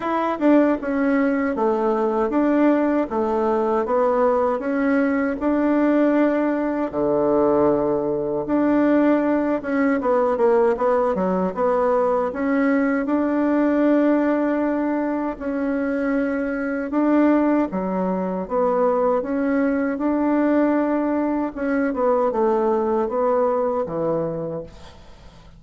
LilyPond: \new Staff \with { instrumentName = "bassoon" } { \time 4/4 \tempo 4 = 78 e'8 d'8 cis'4 a4 d'4 | a4 b4 cis'4 d'4~ | d'4 d2 d'4~ | d'8 cis'8 b8 ais8 b8 fis8 b4 |
cis'4 d'2. | cis'2 d'4 fis4 | b4 cis'4 d'2 | cis'8 b8 a4 b4 e4 | }